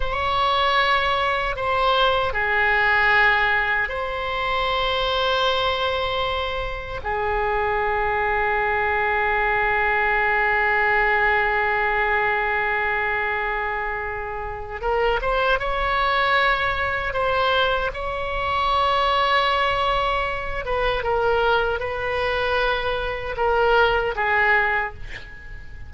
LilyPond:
\new Staff \with { instrumentName = "oboe" } { \time 4/4 \tempo 4 = 77 cis''2 c''4 gis'4~ | gis'4 c''2.~ | c''4 gis'2.~ | gis'1~ |
gis'2. ais'8 c''8 | cis''2 c''4 cis''4~ | cis''2~ cis''8 b'8 ais'4 | b'2 ais'4 gis'4 | }